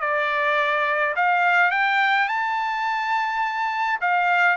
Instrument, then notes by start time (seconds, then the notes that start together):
trumpet
0.00 D5
1.16 F5
1.71 G5
2.28 A5
4.01 F5